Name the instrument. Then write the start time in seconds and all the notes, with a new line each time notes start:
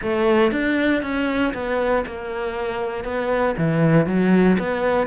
cello
0.02 A3
0.51 D4
1.02 C#4
1.53 B3
2.05 A#3
3.04 B3
3.57 E3
4.06 F#3
4.58 B3